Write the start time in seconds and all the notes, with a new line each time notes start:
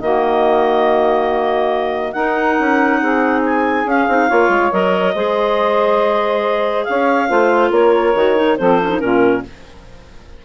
0.00 D#3 A#3 F#4 D#5
2.12 D#4 A#4 F#5
2.59 C#4
3.01 C4 G#4
3.45 G#5
3.85 C#4 F5
4.08 C4 D#4
4.27 A#3 F4 C#5
4.48 G#3
4.71 F#3 A#4 D#5
5.14 G#3 G#4 C5
6.84 C#4 C#5 F5
7.28 A3 F4 C5
7.70 A#3 A#4 C#5
8.14 D#3 F#4
8.35 D#4
8.57 F3 C4 A4 C5
8.81 C#4
8.89 D#4
8.99 A#2 C#4 F4 A#4